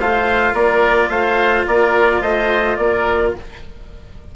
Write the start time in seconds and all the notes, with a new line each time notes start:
0.00 A3 F4 C5 F5
0.53 A#3 A#4 D5
1.10 A3 C5 F5
1.67 A#3 A#4 D5
2.22 A3 C5 D#5
2.77 A#3 A#4 D5